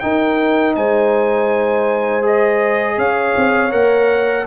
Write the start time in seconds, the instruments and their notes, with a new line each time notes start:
0.00 trombone D#4, tuba D#4, horn A#4, trumpet G5
0.76 tuba G#3, horn C5, trumpet G#5
2.22 trombone G#4, trumpet D#5
2.97 tuba C#4, horn C#5, trumpet F5
3.36 tuba C4
3.71 tuba A#3, trombone A#4, trumpet F#5